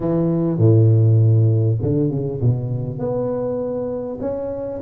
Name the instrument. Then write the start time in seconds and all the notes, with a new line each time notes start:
tuba
0.00 E3
0.58 A2
1.82 D3
2.10 C#3
2.40 B2
2.98 B3
4.21 C#4